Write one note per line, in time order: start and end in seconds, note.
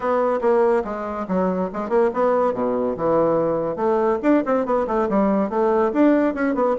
0.00 0.40 B3
0.41 0.83 A#3
0.84 1.26 G#3
1.28 1.70 F#3
1.73 1.89 G#3
1.89 2.10 A#3
2.13 2.53 B3
2.53 2.95 B2
2.96 3.76 E3
3.76 4.18 A3
4.22 4.43 D4
4.45 4.65 C4
4.65 4.86 B3
4.87 5.08 A3
5.09 5.49 G3
5.49 5.91 A3
5.93 6.34 D4
6.34 6.55 C#4
6.55 6.76 B3